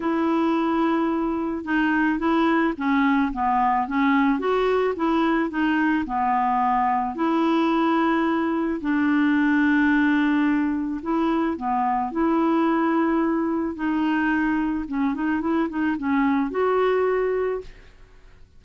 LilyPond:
\new Staff \with { instrumentName = "clarinet" } { \time 4/4 \tempo 4 = 109 e'2. dis'4 | e'4 cis'4 b4 cis'4 | fis'4 e'4 dis'4 b4~ | b4 e'2. |
d'1 | e'4 b4 e'2~ | e'4 dis'2 cis'8 dis'8 | e'8 dis'8 cis'4 fis'2 | }